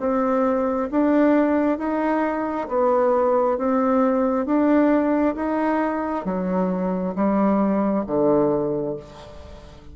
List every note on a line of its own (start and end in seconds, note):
0.00 0.90 C4
0.92 1.79 D4
1.79 2.68 D#4
2.69 3.58 B3
3.58 4.46 C4
4.46 5.36 D4
5.36 6.25 D#4
6.25 7.15 F#3
7.16 8.05 G3
8.07 8.97 D3